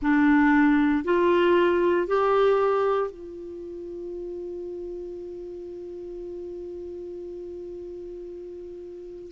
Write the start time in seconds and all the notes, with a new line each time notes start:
0.01 D4
1.04 F4
2.07 G4
3.10 F4